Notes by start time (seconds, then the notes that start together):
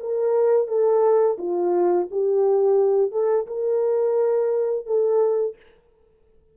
0.00 A#4
0.68 A4
1.38 F4
2.11 G4
3.12 A4
3.47 A#4
4.86 A4